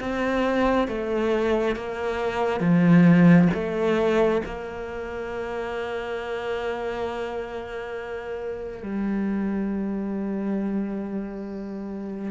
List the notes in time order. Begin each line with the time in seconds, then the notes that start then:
0.00 C4
0.88 A3
1.76 A#3
2.60 F3
3.54 A3
4.46 A#3
8.84 G3